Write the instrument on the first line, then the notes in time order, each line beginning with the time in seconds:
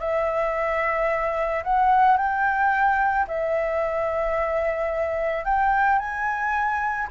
flute
0.00 E5
1.64 F#5
2.17 G5
3.28 E5
5.45 G5
5.99 G#5